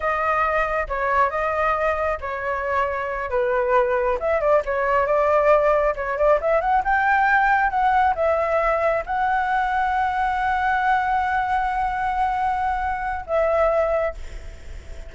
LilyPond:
\new Staff \with { instrumentName = "flute" } { \time 4/4 \tempo 4 = 136 dis''2 cis''4 dis''4~ | dis''4 cis''2~ cis''8 b'8~ | b'4. e''8 d''8 cis''4 d''8~ | d''4. cis''8 d''8 e''8 fis''8 g''8~ |
g''4. fis''4 e''4.~ | e''8 fis''2.~ fis''8~ | fis''1~ | fis''2 e''2 | }